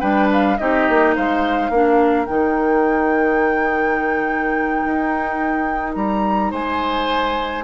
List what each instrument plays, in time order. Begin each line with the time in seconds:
0.00 bassoon G3, clarinet D4, oboe B4, flute G5
0.33 flute F5
0.58 bassoon C4, clarinet D#4, oboe G4, flute D#5
0.89 bassoon A#3
1.16 bassoon G#3, oboe C5, flute F5
1.70 bassoon A#3, clarinet D4, oboe A#4
2.25 bassoon D#3, clarinet D#4, flute G5
4.85 bassoon D#4
5.95 bassoon G3, flute A#5
6.51 bassoon G#3, oboe C5, flute G#5